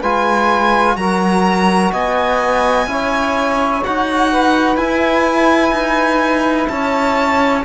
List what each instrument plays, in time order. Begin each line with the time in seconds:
0.00 cello G#3, trombone F4, saxophone B4, violin G#5
0.96 cello F#3, trombone F#4, saxophone A#4, violin A#5
1.92 cello B3, saxophone D#5, violin G#5
2.87 cello C#4, trombone E4, saxophone C#5
3.84 cello D#4, trombone F#4, violin F#5
4.31 saxophone B4
4.76 cello E4, trombone E4, violin G#5
5.71 cello D#4
6.68 cello C#4, saxophone C#5, violin A5